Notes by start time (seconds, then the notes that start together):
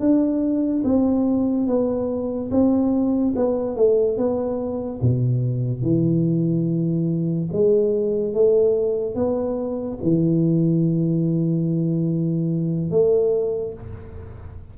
0.00 D4
0.85 C4
1.67 B3
2.52 C4
3.36 B3
3.77 A3
4.18 B3
5.02 B2
5.83 E3
7.53 G#3
8.34 A3
9.16 B3
10.03 E3
12.91 A3